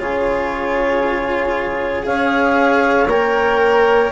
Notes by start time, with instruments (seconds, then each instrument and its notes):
0.00 bassoon C#3, cello F4, flute G#4, clarinet C#5
2.03 bassoon C#4, cello G#4, flute C#5, clarinet F5
3.08 bassoon A#3, cello A#4, clarinet G5